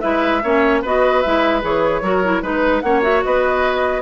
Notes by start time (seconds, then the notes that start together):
0.00 G#3 E4 B4 E5
0.43 A#3 C#4 C#5
0.82 B3 F#4 B4 D#5
1.21 G#3 E4 E5
1.62 E3 G#4 C#5
2.02 F#3 F#4 A#4
2.24 E4
2.42 G#3 D#4 B4
2.81 A#3 C#4 C#5 F#5
3.02 F#4 E5
3.24 B3 B4 D#5